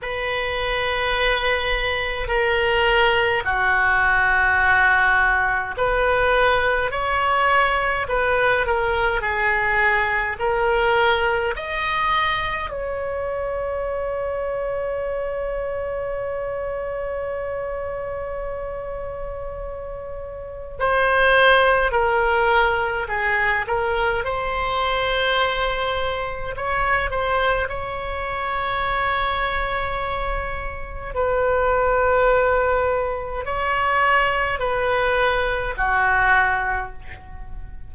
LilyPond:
\new Staff \with { instrumentName = "oboe" } { \time 4/4 \tempo 4 = 52 b'2 ais'4 fis'4~ | fis'4 b'4 cis''4 b'8 ais'8 | gis'4 ais'4 dis''4 cis''4~ | cis''1~ |
cis''2 c''4 ais'4 | gis'8 ais'8 c''2 cis''8 c''8 | cis''2. b'4~ | b'4 cis''4 b'4 fis'4 | }